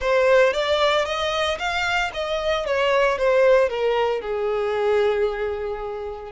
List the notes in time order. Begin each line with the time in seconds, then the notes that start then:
0.00 C5
0.53 D5
1.05 D#5
1.58 F5
2.13 D#5
2.66 C#5
3.17 C5
3.69 A#4
4.21 G#4